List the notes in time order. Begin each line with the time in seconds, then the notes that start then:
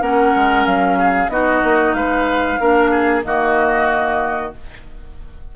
0.00 A#3 C#4 A#4 F#5
0.35 G#3
0.65 F#3 F5
0.98 G#4
1.29 B3 D#4 F#4 D#5
1.63 A#3
1.93 G#3 B4 F5
2.59 A#3 D4 A#4
2.90 G#4
3.23 D#3 A#3 F#4 D#5